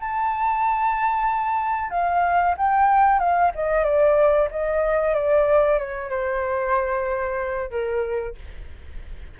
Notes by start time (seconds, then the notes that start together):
0.00 A5
1.90 F5
2.57 G5
3.19 F5
3.55 D#5
3.84 D5
4.51 D#5
5.14 D5
5.78 C#5
6.10 C5
7.71 A#4